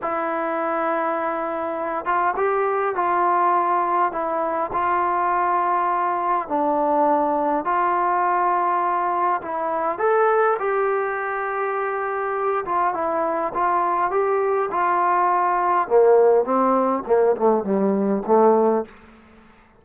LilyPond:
\new Staff \with { instrumentName = "trombone" } { \time 4/4 \tempo 4 = 102 e'2.~ e'8 f'8 | g'4 f'2 e'4 | f'2. d'4~ | d'4 f'2. |
e'4 a'4 g'2~ | g'4. f'8 e'4 f'4 | g'4 f'2 ais4 | c'4 ais8 a8 g4 a4 | }